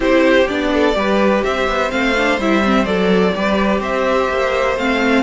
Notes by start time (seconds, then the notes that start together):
0.00 C4 E4 G4 C5
0.47 B3 D4 D5
0.73 A4
0.94 G3 G4 B4
1.43 C4 C5 E5
1.68 B3
1.89 A3 C4 F5
2.16 D4
2.38 G3 E4 E5
2.63 C4
2.85 F#3 A4 D5
3.34 G3 G4 B4
3.80 C4 C5 E5
4.29 A#3
4.76 A3 C4 F5